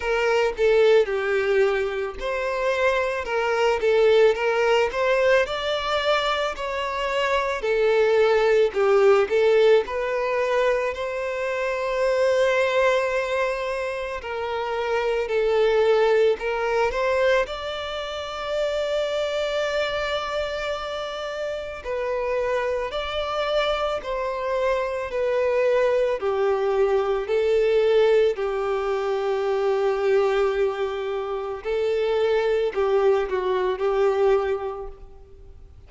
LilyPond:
\new Staff \with { instrumentName = "violin" } { \time 4/4 \tempo 4 = 55 ais'8 a'8 g'4 c''4 ais'8 a'8 | ais'8 c''8 d''4 cis''4 a'4 | g'8 a'8 b'4 c''2~ | c''4 ais'4 a'4 ais'8 c''8 |
d''1 | b'4 d''4 c''4 b'4 | g'4 a'4 g'2~ | g'4 a'4 g'8 fis'8 g'4 | }